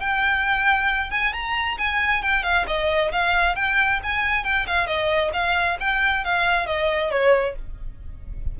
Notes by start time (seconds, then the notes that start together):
0.00 G5
1.11 G#5
1.33 A#5
1.78 G#5
2.22 G5
2.43 F5
2.67 D#5
3.12 F5
3.56 G5
4.03 G#5
4.44 G5
4.67 F5
4.87 D#5
5.33 F5
5.80 G5
6.24 F5
6.66 D#5
7.11 C#5